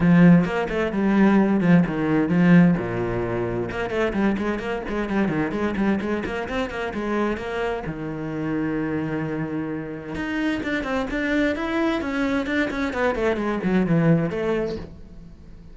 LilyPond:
\new Staff \with { instrumentName = "cello" } { \time 4/4 \tempo 4 = 130 f4 ais8 a8 g4. f8 | dis4 f4 ais,2 | ais8 a8 g8 gis8 ais8 gis8 g8 dis8 | gis8 g8 gis8 ais8 c'8 ais8 gis4 |
ais4 dis2.~ | dis2 dis'4 d'8 c'8 | d'4 e'4 cis'4 d'8 cis'8 | b8 a8 gis8 fis8 e4 a4 | }